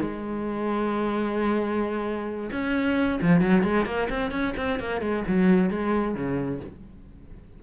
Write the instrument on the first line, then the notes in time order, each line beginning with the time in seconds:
cello
0.00 G#3
2.51 C#4
3.21 F3
3.40 F#3
3.63 G#3
3.85 A#3
4.09 C4
4.31 C#4
4.56 C4
4.79 A#3
5.01 G#3
5.27 F#3
5.70 G#3
6.14 C#3